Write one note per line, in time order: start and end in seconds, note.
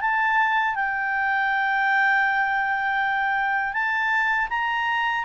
0.00 0.75 A5
0.75 3.73 G5
3.73 4.48 A5
4.49 5.24 A#5